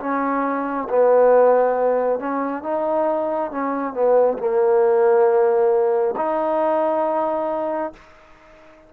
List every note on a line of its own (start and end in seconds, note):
0.00 0.88 C#4
0.89 2.19 B3
2.19 2.63 C#4
2.63 3.51 D#4
3.51 3.94 C#4
3.94 4.38 B3
4.38 6.15 A#3
6.16 7.93 D#4